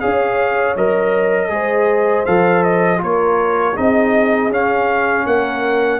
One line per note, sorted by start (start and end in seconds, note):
0.00 0.76 C#4
0.00 0.76 G#4
0.00 1.51 C#5
0.00 0.75 F5
0.76 1.50 F#3
0.76 1.49 A#4
0.76 2.26 D#5
1.49 2.25 G#3
1.49 2.24 G#4
1.49 3.02 C5
2.26 3.02 F3
2.26 2.98 A4
2.26 2.63 F5
2.63 3.00 D#5
2.98 3.77 A#3
2.98 3.73 F4
2.98 3.75 A#4
2.98 3.77 C#5
3.75 4.50 C4
3.75 4.51 D#4
3.75 5.25 G#4
3.75 4.52 D#5
4.50 5.25 C#4
4.50 6.00 C#4
4.50 5.26 F5
5.26 6.00 A#3
5.26 6.00 A#4
5.26 6.00 F#5